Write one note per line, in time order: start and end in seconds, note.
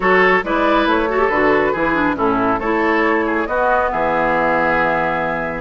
0.00 0.42 F#3
0.00 0.43 F#4
0.00 0.44 A4
0.00 0.43 C#5
0.43 0.86 G#3
0.43 1.08 E4
0.43 1.09 B4
0.43 0.88 D5
0.86 1.29 A3
0.86 1.29 C#5
1.08 1.19 F#4
1.08 1.72 A4
1.19 1.29 G4
1.29 1.72 D3
1.29 1.75 F#4
1.29 2.16 B4
1.72 2.16 E3
1.72 1.94 E4
1.72 2.15 G#4
1.94 2.15 D4
2.15 2.59 A2
2.15 2.58 C#4
2.15 2.59 E4
2.15 2.59 A4
2.59 3.46 A3
2.59 3.48 E4
2.59 3.25 A4
2.59 3.46 C#5
3.26 3.47 G#4
3.46 3.90 B3
3.46 5.61 B3
3.46 3.91 F#4
3.46 3.89 D#5
3.91 5.61 E3
3.91 5.61 G#4
3.91 5.61 E5